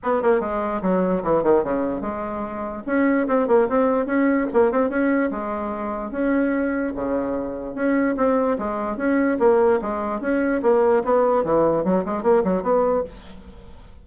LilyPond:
\new Staff \with { instrumentName = "bassoon" } { \time 4/4 \tempo 4 = 147 b8 ais8 gis4 fis4 e8 dis8 | cis4 gis2 cis'4 | c'8 ais8 c'4 cis'4 ais8 c'8 | cis'4 gis2 cis'4~ |
cis'4 cis2 cis'4 | c'4 gis4 cis'4 ais4 | gis4 cis'4 ais4 b4 | e4 fis8 gis8 ais8 fis8 b4 | }